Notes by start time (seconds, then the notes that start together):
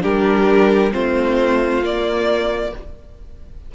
0.00 G3 D4 G4 A#4
0.91 A3 C4 F4 C5
1.82 A#3 D5